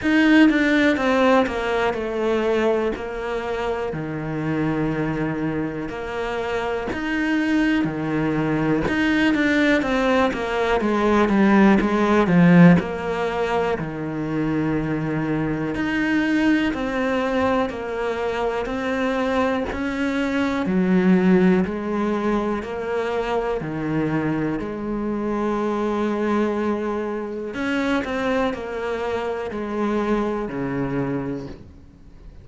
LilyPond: \new Staff \with { instrumentName = "cello" } { \time 4/4 \tempo 4 = 61 dis'8 d'8 c'8 ais8 a4 ais4 | dis2 ais4 dis'4 | dis4 dis'8 d'8 c'8 ais8 gis8 g8 | gis8 f8 ais4 dis2 |
dis'4 c'4 ais4 c'4 | cis'4 fis4 gis4 ais4 | dis4 gis2. | cis'8 c'8 ais4 gis4 cis4 | }